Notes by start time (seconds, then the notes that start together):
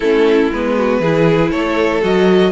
0.00 A3 C#4 E4 A4
0.52 G#3 B3 B4
0.76 F#4
1.00 E3 E4 G#4
1.51 A3 A4 C#5
2.01 F#3 F#4 D#5